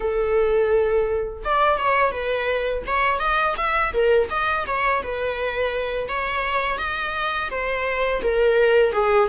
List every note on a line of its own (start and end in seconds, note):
0.00 1.43 A4
1.44 1.78 D5
1.78 2.11 C#5
2.11 2.83 B4
2.86 3.19 C#5
3.19 3.55 D#5
3.57 3.93 E5
3.93 4.29 A#4
4.30 4.65 D#5
4.67 5.02 C#5
5.02 6.08 B4
6.08 6.78 C#5
6.78 7.49 D#5
7.50 8.21 C5
8.22 8.92 A#4
8.92 9.28 G#4